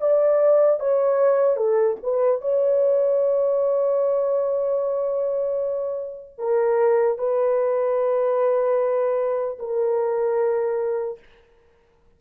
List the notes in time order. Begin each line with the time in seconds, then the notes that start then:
0.00 D5
0.80 C#5
1.56 A4
2.03 B4
2.41 C#5
6.38 A#4
7.18 B4
9.59 A#4